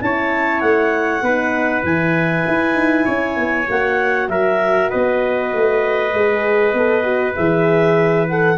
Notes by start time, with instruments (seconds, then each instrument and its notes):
0.00 tuba C#4, horn E4, trumpet C#5, clarinet A5
0.60 tuba A3, clarinet F#5
1.22 tuba B3, horn D#4, trumpet B4
1.84 tuba E3, horn E4, clarinet G#5
2.47 tuba E4
2.75 tuba D#4
3.05 tuba C#4, trumpet C#5
3.37 tuba B3
3.68 tuba A#3, horn F#4, clarinet F#5
4.29 tuba F#3, trumpet A#4, clarinet E5
4.90 tuba B3, trumpet B4, clarinet D#5
5.54 tuba A3
6.13 tuba G#3, horn G#4
6.74 tuba B3, horn A4
7.03 horn F#4
7.35 tuba E3, horn G#4, clarinet E5
8.29 horn A4, clarinet F#5